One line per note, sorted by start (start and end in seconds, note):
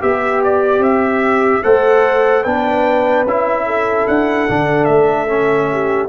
0.00 0.79 B3
0.00 1.62 G4
0.00 1.64 G4
0.00 0.42 E5
0.44 0.83 D5
0.79 1.60 C4
0.79 1.63 E5
1.63 2.45 A3
1.63 2.44 A4
1.63 2.43 C5
1.63 2.44 F#5
2.43 3.25 B3
2.43 3.27 D4
2.43 3.64 B4
2.43 3.25 G5
3.25 4.06 C#4
3.25 4.49 E4
3.25 4.07 E5
3.66 5.69 A4
4.07 4.48 D4
4.07 4.85 F#5
4.49 4.88 D3
4.49 5.28 D4
4.85 6.09 A3
4.85 6.06 E5
5.28 6.09 C#4
5.72 6.09 G4